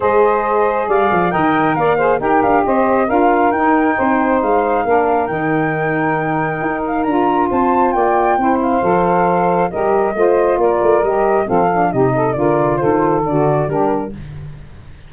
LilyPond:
<<
  \new Staff \with { instrumentName = "flute" } { \time 4/4 \tempo 4 = 136 dis''2 f''4 g''4 | f''4 g''8 f''8 dis''4 f''4 | g''2 f''2 | g''2.~ g''8 f''8 |
ais''4 a''4 g''4. f''8~ | f''2 dis''2 | d''4 dis''4 f''4 dis''4 | d''4 c''4 d''4 ais'4 | }
  \new Staff \with { instrumentName = "saxophone" } { \time 4/4 c''2 d''4 dis''4 | d''8 c''8 ais'4 c''4 ais'4~ | ais'4 c''2 ais'4~ | ais'1~ |
ais'4 c''4 d''4 c''4~ | c''2 ais'4 c''4 | ais'2 a'4 g'8 a'8 | ais'4 a'2 g'4 | }
  \new Staff \with { instrumentName = "saxophone" } { \time 4/4 gis'2. ais'4~ | ais'8 gis'8 g'2 f'4 | dis'2. d'4 | dis'1 |
f'2. e'4 | a'2 g'4 f'4~ | f'4 g'4 c'8 d'8 dis'4 | f'2 fis'4 d'4 | }
  \new Staff \with { instrumentName = "tuba" } { \time 4/4 gis2 g8 f8 dis4 | ais4 dis'8 d'8 c'4 d'4 | dis'4 c'4 gis4 ais4 | dis2. dis'4 |
d'4 c'4 ais4 c'4 | f2 g4 a4 | ais8 a8 g4 f4 c4 | d4 dis4 d4 g4 | }
>>